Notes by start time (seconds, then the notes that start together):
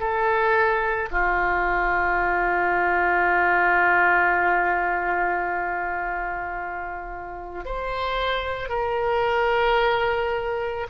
0.00 A4
1.12 F4
7.66 C5
8.69 A#4